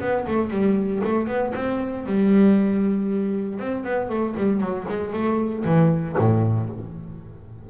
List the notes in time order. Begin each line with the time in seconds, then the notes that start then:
0.00 B3
0.27 A3
0.50 G3
1.04 A3
1.27 B3
1.54 C4
2.06 G3
3.59 C4
3.84 B3
4.09 A3
4.37 G3
4.60 F#3
4.88 G#3
5.13 A3
5.64 E3
6.18 A2